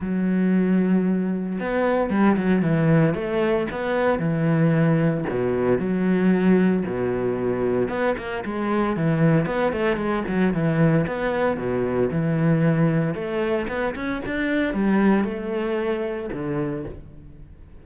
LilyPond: \new Staff \with { instrumentName = "cello" } { \time 4/4 \tempo 4 = 114 fis2. b4 | g8 fis8 e4 a4 b4 | e2 b,4 fis4~ | fis4 b,2 b8 ais8 |
gis4 e4 b8 a8 gis8 fis8 | e4 b4 b,4 e4~ | e4 a4 b8 cis'8 d'4 | g4 a2 d4 | }